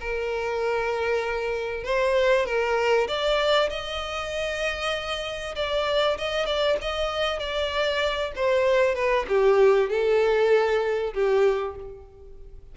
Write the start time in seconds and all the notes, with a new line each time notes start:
0.00 A#4
1.84 C5
2.45 A#4
3.08 D5
3.69 D#5
5.56 D5
6.18 D#5
6.46 D5
6.81 D#5
7.39 D5
8.36 C5
8.95 B4
9.28 G4
9.89 A4
11.14 G4